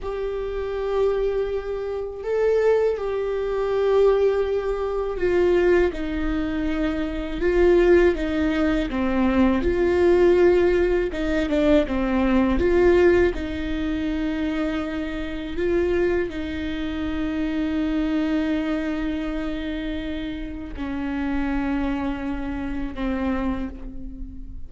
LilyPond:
\new Staff \with { instrumentName = "viola" } { \time 4/4 \tempo 4 = 81 g'2. a'4 | g'2. f'4 | dis'2 f'4 dis'4 | c'4 f'2 dis'8 d'8 |
c'4 f'4 dis'2~ | dis'4 f'4 dis'2~ | dis'1 | cis'2. c'4 | }